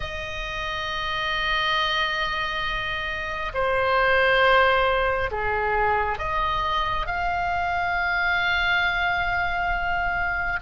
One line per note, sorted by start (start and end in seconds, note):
0.00 3.51 D#5
3.53 5.30 C5
5.31 6.18 G#4
6.18 7.06 D#5
7.06 10.59 F5